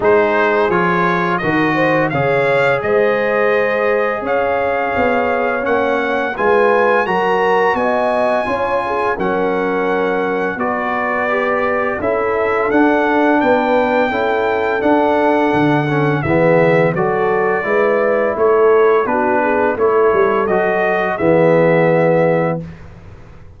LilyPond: <<
  \new Staff \with { instrumentName = "trumpet" } { \time 4/4 \tempo 4 = 85 c''4 cis''4 dis''4 f''4 | dis''2 f''2 | fis''4 gis''4 ais''4 gis''4~ | gis''4 fis''2 d''4~ |
d''4 e''4 fis''4 g''4~ | g''4 fis''2 e''4 | d''2 cis''4 b'4 | cis''4 dis''4 e''2 | }
  \new Staff \with { instrumentName = "horn" } { \time 4/4 gis'2 ais'8 c''8 cis''4 | c''2 cis''2~ | cis''4 b'4 ais'4 dis''4 | cis''8 gis'8 ais'2 b'4~ |
b'4 a'2 b'4 | a'2. gis'4 | a'4 b'4 a'4 fis'8 gis'8 | a'2 gis'2 | }
  \new Staff \with { instrumentName = "trombone" } { \time 4/4 dis'4 f'4 fis'4 gis'4~ | gis'1 | cis'4 f'4 fis'2 | f'4 cis'2 fis'4 |
g'4 e'4 d'2 | e'4 d'4. cis'8 b4 | fis'4 e'2 d'4 | e'4 fis'4 b2 | }
  \new Staff \with { instrumentName = "tuba" } { \time 4/4 gis4 f4 dis4 cis4 | gis2 cis'4 b4 | ais4 gis4 fis4 b4 | cis'4 fis2 b4~ |
b4 cis'4 d'4 b4 | cis'4 d'4 d4 e4 | fis4 gis4 a4 b4 | a8 g8 fis4 e2 | }
>>